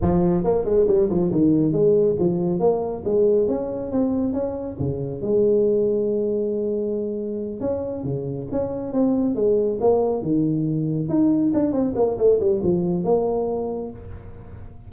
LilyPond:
\new Staff \with { instrumentName = "tuba" } { \time 4/4 \tempo 4 = 138 f4 ais8 gis8 g8 f8 dis4 | gis4 f4 ais4 gis4 | cis'4 c'4 cis'4 cis4 | gis1~ |
gis4. cis'4 cis4 cis'8~ | cis'8 c'4 gis4 ais4 dis8~ | dis4. dis'4 d'8 c'8 ais8 | a8 g8 f4 ais2 | }